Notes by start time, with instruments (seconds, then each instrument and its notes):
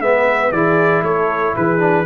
0.00 tuba G#3, trombone B3, horn B4, trumpet E5
0.52 tuba E3, trombone E4, horn G#4, trumpet D5
1.03 tuba A3, horn A4, trumpet C#5
1.55 tuba E3, horn G#4, trumpet B4
1.79 trombone D4